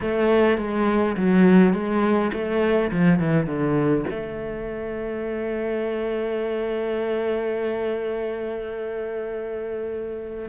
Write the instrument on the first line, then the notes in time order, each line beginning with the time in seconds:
cello
0.01 A3
0.57 G#3
1.17 F#3
1.73 G#3
2.32 A3
2.91 F3
3.19 E3
3.46 D3
4.10 A3